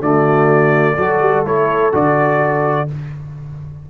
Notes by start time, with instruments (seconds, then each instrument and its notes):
0.00 tuba D3, trombone A3, horn F#4, trumpet D5
0.96 tuba F#3, trombone F#4, horn A4
1.20 tuba G3
1.44 tuba A3, trombone E4, trumpet C#5
1.92 tuba D3, trombone F#4, trumpet D5